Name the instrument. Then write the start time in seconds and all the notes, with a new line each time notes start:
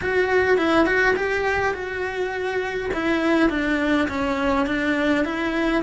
cello
0.01 F#4
0.57 E4
0.86 F#4
1.16 G4
1.74 F#4
2.93 E4
3.50 D4
4.08 C#4
4.66 D4
5.24 E4